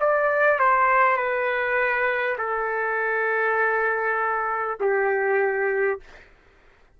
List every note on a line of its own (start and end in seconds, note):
0.00 0.59 D5
0.59 1.17 C5
1.17 2.37 B4
2.38 4.78 A4
4.80 6.00 G4